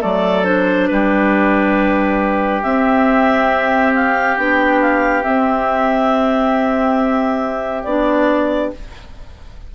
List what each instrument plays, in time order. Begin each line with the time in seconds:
0.00 bassoon F#3, clarinet A3 D5, oboe A4
0.44 clarinet D4 C5
0.87 bassoon G3, oboe G4, clarinet B4
2.63 bassoon C4, clarinet C4 E5
3.95 clarinet F5
4.37 bassoon B3, clarinet D4 G5
4.81 clarinet F5
5.22 clarinet C4 E5, bassoon C4
7.84 bassoon B3, clarinet D4 D5